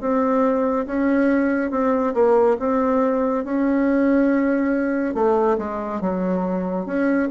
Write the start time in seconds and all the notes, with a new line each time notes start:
0.00 C4
0.86 C#4
1.70 C4
2.14 A#3
2.59 C4
3.44 C#4
5.14 A3
5.58 G#3
6.00 F#3
6.86 C#4